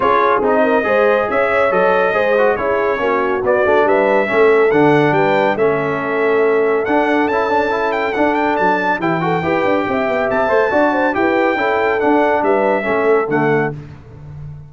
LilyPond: <<
  \new Staff \with { instrumentName = "trumpet" } { \time 4/4 \tempo 4 = 140 cis''4 dis''2 e''4 | dis''2 cis''2 | d''4 e''2 fis''4 | g''4 e''2. |
fis''4 a''4. g''8 fis''8 g''8 | a''4 g''2. | a''2 g''2 | fis''4 e''2 fis''4 | }
  \new Staff \with { instrumentName = "horn" } { \time 4/4 gis'4. ais'8 c''4 cis''4~ | cis''4 c''4 gis'4 fis'4~ | fis'4 b'4 a'2 | b'4 a'2.~ |
a'1~ | a'4 g'8 a'8 b'4 e''4~ | e''4 d''8 c''8 b'4 a'4~ | a'4 b'4 a'2 | }
  \new Staff \with { instrumentName = "trombone" } { \time 4/4 f'4 dis'4 gis'2 | a'4 gis'8 fis'8 e'4 cis'4 | b8 d'4. cis'4 d'4~ | d'4 cis'2. |
d'4 e'8 d'8 e'4 d'4~ | d'4 e'8 fis'8 g'2~ | g'8 c''8 fis'4 g'4 e'4 | d'2 cis'4 a4 | }
  \new Staff \with { instrumentName = "tuba" } { \time 4/4 cis'4 c'4 gis4 cis'4 | fis4 gis4 cis'4 ais4 | b8 a8 g4 a4 d4 | g4 a2. |
d'4 cis'2 d'4 | fis4 e4 e'8 d'8 c'8 b8 | c'8 a8 d'4 e'4 cis'4 | d'4 g4 a4 d4 | }
>>